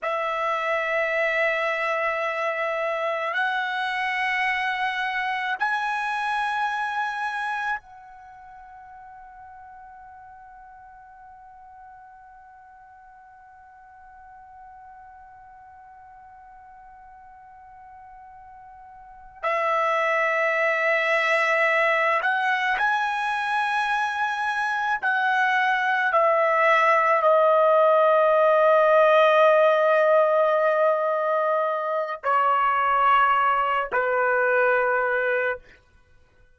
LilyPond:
\new Staff \with { instrumentName = "trumpet" } { \time 4/4 \tempo 4 = 54 e''2. fis''4~ | fis''4 gis''2 fis''4~ | fis''1~ | fis''1~ |
fis''4. e''2~ e''8 | fis''8 gis''2 fis''4 e''8~ | e''8 dis''2.~ dis''8~ | dis''4 cis''4. b'4. | }